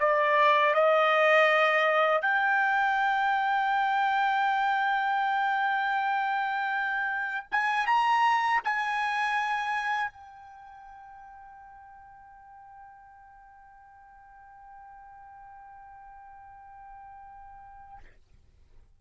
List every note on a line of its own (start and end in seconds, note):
0.00 0.74 D5
0.74 2.22 D#5
2.22 7.47 G5
7.52 7.87 G#5
7.87 8.62 A#5
8.65 10.11 G#5
10.11 17.99 G5